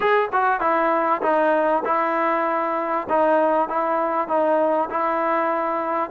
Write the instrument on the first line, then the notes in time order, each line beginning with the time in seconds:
trombone
0.00 G#4
0.32 F#4
0.60 E4
1.21 D#4
1.85 E4
3.09 D#4
3.68 E4
4.28 D#4
4.90 E4